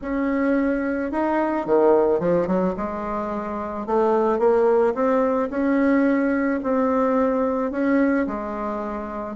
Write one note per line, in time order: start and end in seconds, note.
0.01 1.11 C#4
1.11 1.65 D#4
1.65 2.19 D#3
2.19 2.47 F3
2.47 2.74 F#3
2.76 3.86 G#3
3.86 4.39 A3
4.39 4.94 A#3
4.94 5.49 C4
5.50 6.60 C#4
6.63 7.71 C4
7.71 8.26 C#4
8.26 9.36 G#3